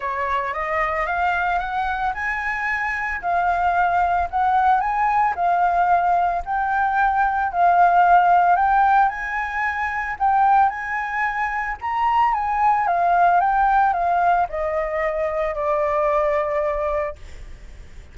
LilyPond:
\new Staff \with { instrumentName = "flute" } { \time 4/4 \tempo 4 = 112 cis''4 dis''4 f''4 fis''4 | gis''2 f''2 | fis''4 gis''4 f''2 | g''2 f''2 |
g''4 gis''2 g''4 | gis''2 ais''4 gis''4 | f''4 g''4 f''4 dis''4~ | dis''4 d''2. | }